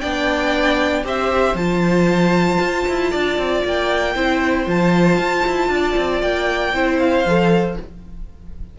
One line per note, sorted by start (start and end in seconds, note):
0.00 1.04 B3
0.00 1.04 D4
0.00 1.04 D5
0.00 1.03 G5
1.04 1.54 C4
1.04 1.55 G4
1.04 3.11 C5
1.04 1.56 E5
1.54 2.58 F3
1.54 4.15 F4
1.54 3.63 A5
2.59 2.85 F4
2.88 3.14 E4
3.11 3.37 D4
3.11 4.14 D5
3.37 3.63 C4
3.64 4.15 A#3
3.64 4.69 G5
4.15 4.67 C4
4.15 4.66 E4
4.15 5.70 C5
4.66 5.18 F3
4.66 6.72 F4
4.66 6.22 A5
5.18 5.44 F4
5.46 5.69 E4
5.69 5.95 D4
5.69 6.75 D5
5.96 6.22 C4
6.22 6.73 A#3
6.22 6.99 G5
6.73 7.25 C4
6.73 7.25 E4
6.73 7.78 C5
6.99 7.76 F5
7.25 7.76 F3
7.25 7.79 A4